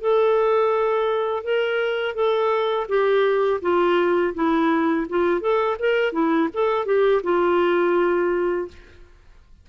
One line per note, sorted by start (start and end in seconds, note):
0.00 1.43 A4
1.43 2.15 A#4
2.15 2.87 A4
2.88 3.60 G4
3.61 4.34 F4
4.34 5.07 E4
5.09 5.41 F4
5.41 5.77 A4
5.79 6.12 A#4
6.12 6.49 E4
6.54 6.85 A4
6.85 7.21 G4
7.23 8.67 F4